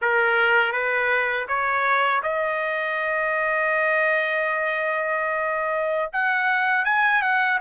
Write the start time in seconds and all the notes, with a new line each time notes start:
0.01 A#4
0.72 B4
1.47 C#5
2.22 D#5
6.12 F#5
6.85 G#5
7.22 F#5